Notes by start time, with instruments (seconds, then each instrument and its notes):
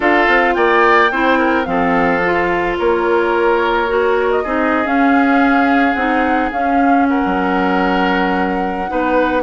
0.00 bassoon D4, clarinet F4, oboe A4, flute F5
0.27 bassoon C4
0.54 bassoon A#3, oboe D5, flute G5
1.11 bassoon C4, clarinet E4, oboe C5
1.38 oboe A#4
1.64 bassoon F3, clarinet C4, oboe A4, flute F5
2.25 clarinet F4
2.78 bassoon A#3, oboe A#4, flute C#5
3.88 clarinet F#4
4.31 flute D#5
4.43 bassoon C4, clarinet D#4, oboe G#4
4.84 clarinet C#4, bassoon C#4, flute F5
5.93 bassoon C4, clarinet D#4, flute F#5
6.52 bassoon C#4, clarinet C#4, flute F5
7.08 oboe A#4, flute F#5
7.25 bassoon F#3
8.87 bassoon B3, clarinet D#4, oboe B4